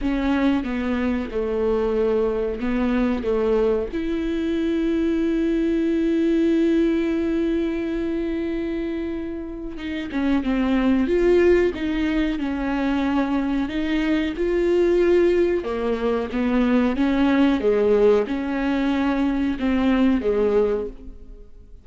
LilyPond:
\new Staff \with { instrumentName = "viola" } { \time 4/4 \tempo 4 = 92 cis'4 b4 a2 | b4 a4 e'2~ | e'1~ | e'2. dis'8 cis'8 |
c'4 f'4 dis'4 cis'4~ | cis'4 dis'4 f'2 | ais4 b4 cis'4 gis4 | cis'2 c'4 gis4 | }